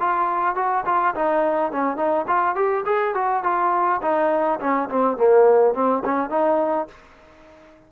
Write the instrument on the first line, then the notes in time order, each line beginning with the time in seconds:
trombone
0.00 F4
0.56 F#4
0.86 F4
1.16 D#4
1.72 C#4
1.97 D#4
2.28 F4
2.56 G4
2.86 G#4
3.15 F#4
3.44 F4
4.02 D#4
4.60 C#4
4.90 C4
5.17 A#3
5.75 C4
6.05 C#4
6.30 D#4